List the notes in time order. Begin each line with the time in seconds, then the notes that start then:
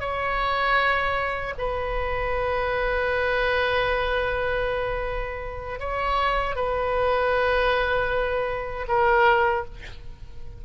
0.00 C#5
1.58 B4
5.79 C#5
6.55 B4
8.87 A#4